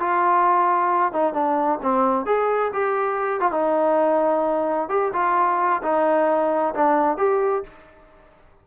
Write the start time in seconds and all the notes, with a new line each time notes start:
0.00 F4
1.13 D#4
1.34 D4
1.82 C4
2.26 G#4
2.73 G4
3.40 F4
3.52 D#4
4.89 G4
5.13 F4
5.83 D#4
6.75 D4
7.17 G4